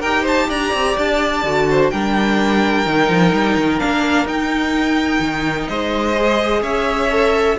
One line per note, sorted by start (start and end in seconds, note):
0.00 0.50 D#4
0.00 1.46 G4
0.00 0.22 A#4
0.00 0.25 G5
0.22 0.46 C5
0.22 0.51 A5
0.49 0.73 D4
0.49 1.67 D5
0.49 0.98 A#5
0.74 0.97 C4
0.98 1.44 D4
0.98 1.91 A5
1.44 1.91 D3
1.44 1.92 F#4
1.70 1.93 C5
1.91 2.87 G3
1.91 2.86 D4
1.91 5.69 A#4
1.91 3.80 G5
2.86 3.09 D#3
2.86 3.79 D#4
3.09 3.33 F3
3.33 3.57 G3
3.57 3.80 D#3
3.79 4.25 A#3
3.79 4.26 D4
3.79 4.27 F5
4.25 5.19 D#4
4.25 6.17 D#4
4.25 5.68 G5
5.20 5.67 D#3
5.68 6.62 G#3
5.68 6.63 C5
5.68 6.63 D#5
6.17 7.11 G#4
6.62 7.57 C#4
6.62 7.57 C#5
6.62 7.58 E5
7.11 7.58 A4